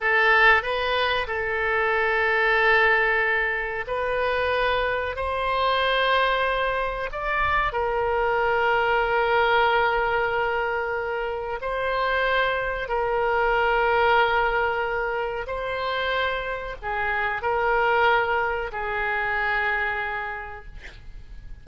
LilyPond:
\new Staff \with { instrumentName = "oboe" } { \time 4/4 \tempo 4 = 93 a'4 b'4 a'2~ | a'2 b'2 | c''2. d''4 | ais'1~ |
ais'2 c''2 | ais'1 | c''2 gis'4 ais'4~ | ais'4 gis'2. | }